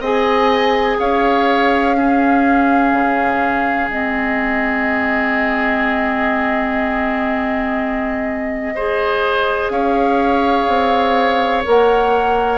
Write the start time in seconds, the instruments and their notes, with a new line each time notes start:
0.00 bassoon C4, clarinet G#4, oboe D#5, flute G#5
0.99 bassoon C#4, oboe C#5, flute F5
1.97 clarinet C#4, oboe G#4
2.93 bassoon C#3
3.89 bassoon G#3, clarinet C4, flute D#5
8.75 clarinet G#4, oboe C5
9.69 bassoon C#4, oboe C#5, flute F5
10.68 bassoon C4
11.64 bassoon A#3, clarinet A#4, flute F#5